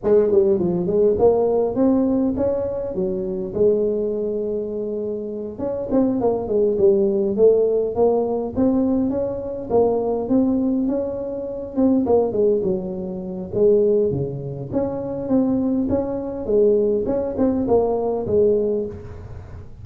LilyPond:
\new Staff \with { instrumentName = "tuba" } { \time 4/4 \tempo 4 = 102 gis8 g8 f8 gis8 ais4 c'4 | cis'4 fis4 gis2~ | gis4. cis'8 c'8 ais8 gis8 g8~ | g8 a4 ais4 c'4 cis'8~ |
cis'8 ais4 c'4 cis'4. | c'8 ais8 gis8 fis4. gis4 | cis4 cis'4 c'4 cis'4 | gis4 cis'8 c'8 ais4 gis4 | }